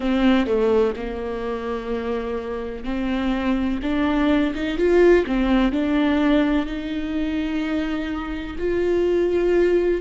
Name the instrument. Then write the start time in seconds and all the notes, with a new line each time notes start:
viola
0.00 C4
0.46 A3
0.96 A#3
2.84 C4
3.82 D4
4.55 D#4
4.77 F4
5.26 C4
5.71 D4
6.66 D#4
8.58 F4